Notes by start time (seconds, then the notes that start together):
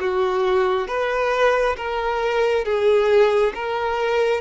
0.00 F#4
0.87 B4
1.76 A#4
2.64 G#4
3.54 A#4